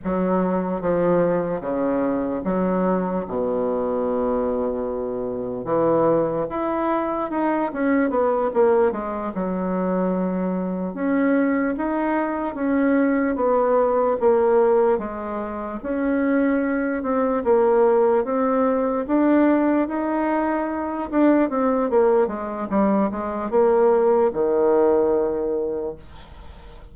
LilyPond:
\new Staff \with { instrumentName = "bassoon" } { \time 4/4 \tempo 4 = 74 fis4 f4 cis4 fis4 | b,2. e4 | e'4 dis'8 cis'8 b8 ais8 gis8 fis8~ | fis4. cis'4 dis'4 cis'8~ |
cis'8 b4 ais4 gis4 cis'8~ | cis'4 c'8 ais4 c'4 d'8~ | d'8 dis'4. d'8 c'8 ais8 gis8 | g8 gis8 ais4 dis2 | }